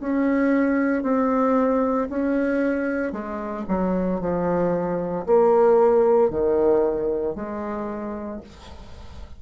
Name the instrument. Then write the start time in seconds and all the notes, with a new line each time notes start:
bassoon
0.00 C#4
1.03 C4
2.10 C#4
3.12 G#3
3.68 F#3
4.21 F3
5.26 A#3
6.30 D#3
7.35 G#3